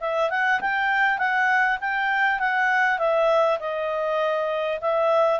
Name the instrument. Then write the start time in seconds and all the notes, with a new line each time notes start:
clarinet
0.00 E5
0.30 F#5
0.61 G5
1.18 F#5
1.81 G5
2.39 F#5
2.99 E5
3.59 D#5
4.81 E5